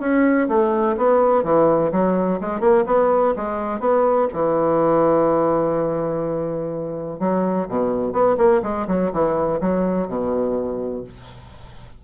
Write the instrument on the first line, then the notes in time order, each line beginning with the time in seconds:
bassoon
0.00 C#4
0.48 A3
0.97 B3
1.44 E3
1.92 F#3
2.41 G#3
2.60 A#3
2.86 B3
3.36 G#3
3.80 B3
4.33 E3
7.20 F#3
7.69 B2
8.13 B3
8.38 A#3
8.62 G#3
8.88 F#3
9.13 E3
9.61 F#3
10.08 B2